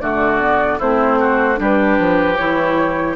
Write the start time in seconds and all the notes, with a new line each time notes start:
0.00 D3 A3 F#4 D5
0.40 B3
0.78 A3 C4 E4 C5
1.19 F#4
1.56 G3 D4 G4
1.63 B4
1.98 F3
2.36 E3 E4 C#5